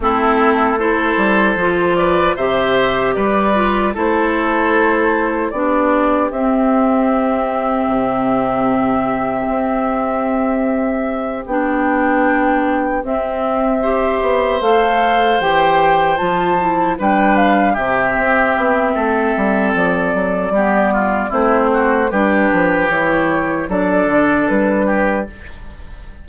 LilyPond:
<<
  \new Staff \with { instrumentName = "flute" } { \time 4/4 \tempo 4 = 76 a'4 c''4. d''8 e''4 | d''4 c''2 d''4 | e''1~ | e''2~ e''8 g''4.~ |
g''8 e''2 f''4 g''8~ | g''8 a''4 g''8 f''8 e''4.~ | e''4 d''2 c''4 | b'4 cis''4 d''4 b'4 | }
  \new Staff \with { instrumentName = "oboe" } { \time 4/4 e'4 a'4. b'8 c''4 | b'4 a'2 g'4~ | g'1~ | g'1~ |
g'4. c''2~ c''8~ | c''4. b'4 g'4. | a'2 g'8 f'8 e'8 fis'8 | g'2 a'4. g'8 | }
  \new Staff \with { instrumentName = "clarinet" } { \time 4/4 c'4 e'4 f'4 g'4~ | g'8 f'8 e'2 d'4 | c'1~ | c'2~ c'8 d'4.~ |
d'8 c'4 g'4 a'4 g'8~ | g'8 f'8 e'8 d'4 c'4.~ | c'2 b4 c'4 | d'4 e'4 d'2 | }
  \new Staff \with { instrumentName = "bassoon" } { \time 4/4 a4. g8 f4 c4 | g4 a2 b4 | c'2 c2 | c'2~ c'8 b4.~ |
b8 c'4. b8 a4 e8~ | e8 f4 g4 c8 c'8 b8 | a8 g8 f8 fis8 g4 a4 | g8 f8 e4 fis8 d8 g4 | }
>>